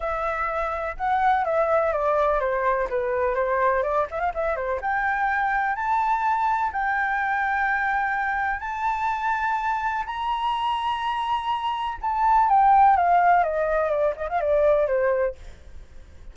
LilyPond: \new Staff \with { instrumentName = "flute" } { \time 4/4 \tempo 4 = 125 e''2 fis''4 e''4 | d''4 c''4 b'4 c''4 | d''8 e''16 f''16 e''8 c''8 g''2 | a''2 g''2~ |
g''2 a''2~ | a''4 ais''2.~ | ais''4 a''4 g''4 f''4 | dis''4 d''8 dis''16 f''16 d''4 c''4 | }